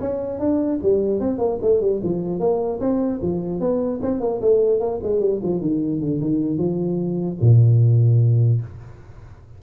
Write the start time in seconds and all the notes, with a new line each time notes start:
0.00 C#4
0.39 D4
0.82 G3
1.20 C4
1.39 A#3
1.61 A3
1.81 G3
2.03 F3
2.39 A#3
2.80 C4
3.22 F3
3.60 B3
4.02 C4
4.20 A#3
4.41 A3
4.80 A#3
5.03 G#3
5.20 G3
5.43 F3
5.61 D#3
6.00 D3
6.21 D#3
6.57 F3
7.41 A#2